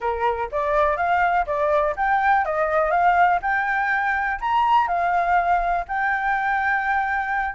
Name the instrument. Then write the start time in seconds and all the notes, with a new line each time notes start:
flute
0.00 A#4
0.51 D5
0.96 F5
1.46 D5
1.96 G5
2.45 D#5
2.90 F5
3.41 G5
4.40 A#5
4.87 F5
5.88 G5